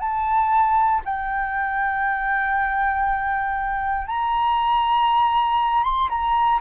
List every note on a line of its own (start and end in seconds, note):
0.00 1.02 A5
1.05 4.07 G5
4.07 5.84 A#5
5.84 6.09 C6
6.09 6.60 A#5